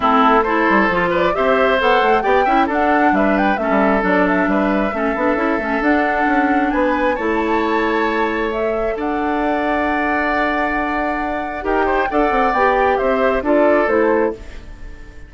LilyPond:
<<
  \new Staff \with { instrumentName = "flute" } { \time 4/4 \tempo 4 = 134 a'4 c''4. d''8 e''4 | fis''4 g''4 fis''4 e''8 g''8 | e''4 d''8 e''2~ e''8~ | e''4 fis''2 gis''4 |
a''2. e''4 | fis''1~ | fis''2 g''4 fis''4 | g''4 e''4 d''4 c''4 | }
  \new Staff \with { instrumentName = "oboe" } { \time 4/4 e'4 a'4. b'8 c''4~ | c''4 d''8 e''8 a'4 b'4 | a'2 b'4 a'4~ | a'2. b'4 |
cis''1 | d''1~ | d''2 ais'8 c''8 d''4~ | d''4 c''4 a'2 | }
  \new Staff \with { instrumentName = "clarinet" } { \time 4/4 c'4 e'4 f'4 g'4 | a'4 g'8 e'8 d'2 | cis'4 d'2 cis'8 d'8 | e'8 cis'8 d'2. |
e'2. a'4~ | a'1~ | a'2 g'4 a'4 | g'2 f'4 e'4 | }
  \new Staff \with { instrumentName = "bassoon" } { \time 4/4 a4. g8 f4 c'4 | b8 a8 b8 cis'8 d'4 g4 | a16 g8. fis4 g4 a8 b8 | cis'8 a8 d'4 cis'4 b4 |
a1 | d'1~ | d'2 dis'4 d'8 c'8 | b4 c'4 d'4 a4 | }
>>